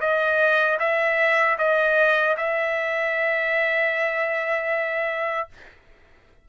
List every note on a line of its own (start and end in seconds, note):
0.00 0.78 D#5
0.79 1.57 E5
1.58 2.36 D#5
2.37 5.49 E5